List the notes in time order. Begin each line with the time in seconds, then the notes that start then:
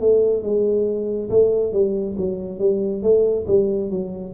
0.00 A3
0.43 G#3
1.30 A3
1.72 G3
2.17 F#3
2.59 G3
3.02 A3
3.47 G3
3.91 F#3